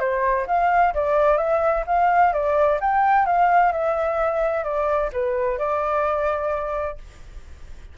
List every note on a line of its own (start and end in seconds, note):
0.00 0.47 C5
0.47 0.94 F5
0.94 1.38 D5
1.38 1.84 E5
1.87 2.33 F5
2.33 2.80 D5
2.81 3.26 G5
3.26 3.72 F5
3.72 4.64 E5
4.64 5.11 D5
5.13 5.58 B4
5.58 6.98 D5